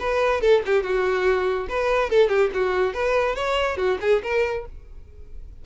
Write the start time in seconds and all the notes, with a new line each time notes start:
0.00 B4
0.41 A4
0.66 G4
0.83 F#4
1.69 B4
2.10 A4
2.30 G4
2.54 F#4
2.94 B4
3.36 C#5
3.77 F#4
4.02 G#4
4.23 A#4